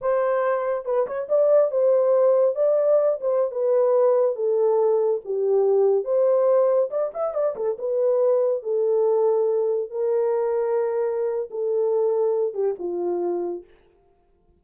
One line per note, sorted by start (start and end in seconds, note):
0.01 0.85 C5
0.85 1.06 B4
1.06 1.28 C#5
1.28 1.71 D5
1.71 2.55 C5
2.55 3.19 D5
3.20 3.51 C5
3.51 4.35 B4
4.35 5.21 A4
5.24 6.04 G4
6.04 6.89 C5
6.90 7.11 D5
7.14 7.34 E5
7.34 7.55 D5
7.56 7.77 A4
7.78 8.62 B4
8.62 9.90 A4
9.90 11.49 A#4
11.50 12.54 A4
12.54 12.75 G4
12.79 13.64 F4